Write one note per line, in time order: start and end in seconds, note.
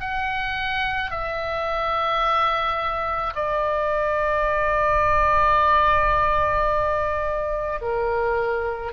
0.00 1.11 F#5
1.11 3.33 E5
3.35 7.80 D5
7.81 8.92 A#4